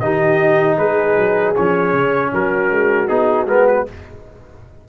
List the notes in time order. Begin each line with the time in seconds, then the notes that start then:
0.00 D#3 D#4 G4 D#5
0.78 G#3 G#4 B4
1.17 F#3
1.56 F3 C#4 C#5
1.93 C#3
2.33 F#3 F#4 A#4
2.71 G#3
3.08 B3 D#4 G#4
3.46 G#3 B3 A#4
3.67 B4